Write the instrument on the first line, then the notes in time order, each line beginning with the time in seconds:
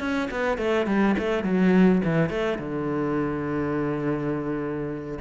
cello
0.00 C#4
0.31 B3
0.58 A3
0.87 G3
1.19 A3
1.44 F#3
2.05 E3
2.30 A3
2.59 D3